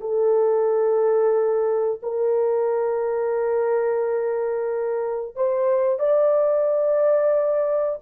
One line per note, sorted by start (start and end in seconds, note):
0.00 2.00 A4
2.02 5.35 A#4
5.35 5.99 C5
5.99 7.99 D5